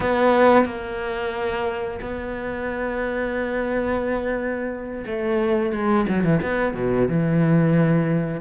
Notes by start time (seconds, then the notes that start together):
0.00 B3
0.65 A#3
2.01 B3
5.06 A3
5.72 G#3
6.08 F#3
6.24 E3
6.42 B3
6.74 B2
7.08 E3